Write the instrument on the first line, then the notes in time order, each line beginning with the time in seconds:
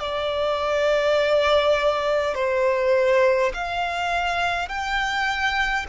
violin
0.00 D5
2.35 C5
3.54 F5
4.69 G5